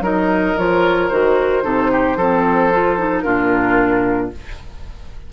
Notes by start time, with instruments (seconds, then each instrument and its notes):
0.00 bassoon F#3, clarinet D#4, oboe A#4, flute D#5
0.57 bassoon F3, clarinet F4, flute C#5
1.09 bassoon D#3, clarinet F#4, flute C5
1.63 bassoon C3, clarinet D#4, oboe A4
1.92 oboe G4
2.16 bassoon F3, clarinet C4, oboe A4
2.72 clarinet F4
2.98 clarinet D#4
3.20 bassoon A#2, clarinet D4, oboe F4, flute A#4